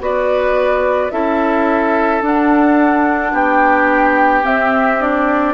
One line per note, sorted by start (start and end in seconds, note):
0.00 1.11 B3
0.00 1.11 F#4
0.00 1.13 B4
0.00 1.11 D5
1.11 2.22 C#4
1.11 2.22 E4
1.11 3.32 A4
1.11 2.22 E5
2.22 3.32 D4
2.22 4.43 D4
2.22 3.35 F#5
3.32 4.44 B3
3.32 5.54 G4
3.32 4.46 G5
4.43 4.98 C4
4.43 5.54 C4
4.43 5.01 E5
5.00 5.54 D4
5.00 5.54 D5